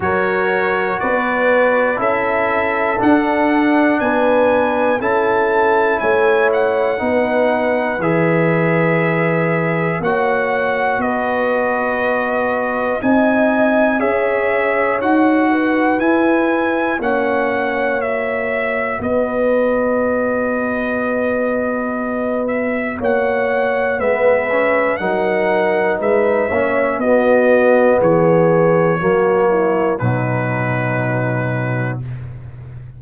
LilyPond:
<<
  \new Staff \with { instrumentName = "trumpet" } { \time 4/4 \tempo 4 = 60 cis''4 d''4 e''4 fis''4 | gis''4 a''4 gis''8 fis''4. | e''2 fis''4 dis''4~ | dis''4 gis''4 e''4 fis''4 |
gis''4 fis''4 e''4 dis''4~ | dis''2~ dis''8 e''8 fis''4 | e''4 fis''4 e''4 dis''4 | cis''2 b'2 | }
  \new Staff \with { instrumentName = "horn" } { \time 4/4 ais'4 b'4 a'2 | b'4 a'4 cis''4 b'4~ | b'2 cis''4 b'4~ | b'4 dis''4 cis''4. b'8~ |
b'4 cis''2 b'4~ | b'2. cis''4 | b'4 ais'4 b'8 cis''8 fis'4 | gis'4 fis'8 e'8 dis'2 | }
  \new Staff \with { instrumentName = "trombone" } { \time 4/4 fis'2 e'4 d'4~ | d'4 e'2 dis'4 | gis'2 fis'2~ | fis'4 dis'4 gis'4 fis'4 |
e'4 cis'4 fis'2~ | fis'1 | b8 cis'8 dis'4. cis'8 b4~ | b4 ais4 fis2 | }
  \new Staff \with { instrumentName = "tuba" } { \time 4/4 fis4 b4 cis'4 d'4 | b4 cis'4 a4 b4 | e2 ais4 b4~ | b4 c'4 cis'4 dis'4 |
e'4 ais2 b4~ | b2. ais4 | gis4 fis4 gis8 ais8 b4 | e4 fis4 b,2 | }
>>